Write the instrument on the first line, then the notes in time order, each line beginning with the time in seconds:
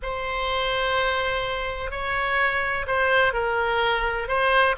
oboe
0.02 C5
1.90 C#5
2.87 C5
3.33 A#4
4.28 C5